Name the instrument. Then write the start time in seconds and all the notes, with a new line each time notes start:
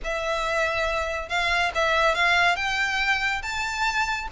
violin
0.04 E5
1.28 F5
1.75 E5
2.14 F5
2.56 G5
3.42 A5